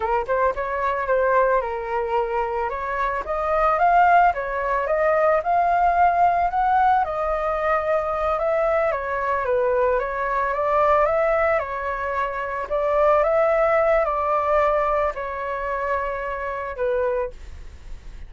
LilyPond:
\new Staff \with { instrumentName = "flute" } { \time 4/4 \tempo 4 = 111 ais'8 c''8 cis''4 c''4 ais'4~ | ais'4 cis''4 dis''4 f''4 | cis''4 dis''4 f''2 | fis''4 dis''2~ dis''8 e''8~ |
e''8 cis''4 b'4 cis''4 d''8~ | d''8 e''4 cis''2 d''8~ | d''8 e''4. d''2 | cis''2. b'4 | }